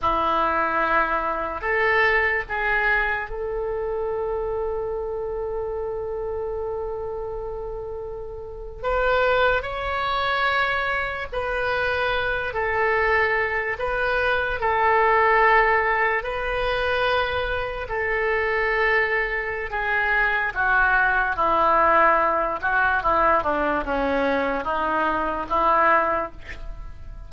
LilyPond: \new Staff \with { instrumentName = "oboe" } { \time 4/4 \tempo 4 = 73 e'2 a'4 gis'4 | a'1~ | a'2~ a'8. b'4 cis''16~ | cis''4.~ cis''16 b'4. a'8.~ |
a'8. b'4 a'2 b'16~ | b'4.~ b'16 a'2~ a'16 | gis'4 fis'4 e'4. fis'8 | e'8 d'8 cis'4 dis'4 e'4 | }